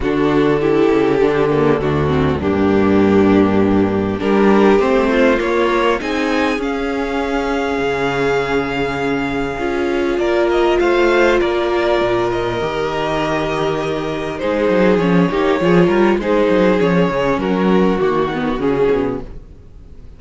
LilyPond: <<
  \new Staff \with { instrumentName = "violin" } { \time 4/4 \tempo 4 = 100 a'1 | g'2. ais'4 | c''4 cis''4 gis''4 f''4~ | f''1~ |
f''4 d''8 dis''8 f''4 d''4~ | d''8 dis''2.~ dis''8 | c''4 cis''2 c''4 | cis''4 ais'4 fis'4 gis'4 | }
  \new Staff \with { instrumentName = "violin" } { \time 4/4 fis'4 g'2 fis'4 | d'2. g'4~ | g'8 f'4. gis'2~ | gis'1~ |
gis'4 ais'4 c''4 ais'4~ | ais'1 | gis'4. g'8 gis'8 ais'8 gis'4~ | gis'4 fis'2. | }
  \new Staff \with { instrumentName = "viola" } { \time 4/4 d'4 e'4 d'8 ais8 d'8 c'8 | ais2. d'4 | c'4 ais4 dis'4 cis'4~ | cis'1 |
f'1~ | f'4 g'2. | dis'4 cis'8 dis'8 f'4 dis'4 | cis'2 ais8 b8 cis'4 | }
  \new Staff \with { instrumentName = "cello" } { \time 4/4 d4. cis8 d4 d,4 | g,2. g4 | a4 ais4 c'4 cis'4~ | cis'4 cis2. |
cis'4 ais4 a4 ais4 | ais,4 dis2. | gis8 fis8 f8 ais8 f8 g8 gis8 fis8 | f8 cis8 fis4 dis4 cis8 b,8 | }
>>